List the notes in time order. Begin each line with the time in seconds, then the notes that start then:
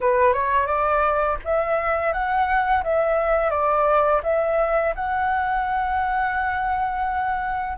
0.00 B4
0.33 C#5
0.66 D5
1.44 E5
2.12 F#5
2.83 E5
3.50 D5
4.23 E5
4.95 F#5